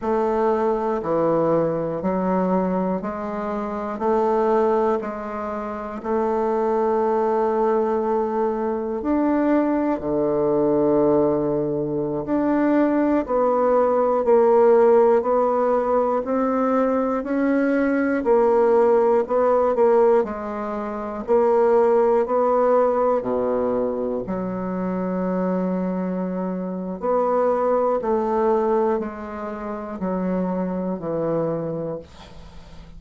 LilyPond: \new Staff \with { instrumentName = "bassoon" } { \time 4/4 \tempo 4 = 60 a4 e4 fis4 gis4 | a4 gis4 a2~ | a4 d'4 d2~ | d16 d'4 b4 ais4 b8.~ |
b16 c'4 cis'4 ais4 b8 ais16~ | ais16 gis4 ais4 b4 b,8.~ | b,16 fis2~ fis8. b4 | a4 gis4 fis4 e4 | }